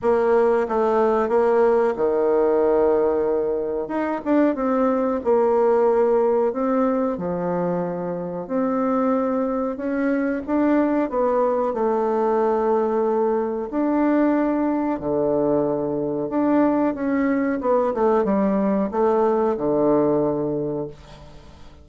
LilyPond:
\new Staff \with { instrumentName = "bassoon" } { \time 4/4 \tempo 4 = 92 ais4 a4 ais4 dis4~ | dis2 dis'8 d'8 c'4 | ais2 c'4 f4~ | f4 c'2 cis'4 |
d'4 b4 a2~ | a4 d'2 d4~ | d4 d'4 cis'4 b8 a8 | g4 a4 d2 | }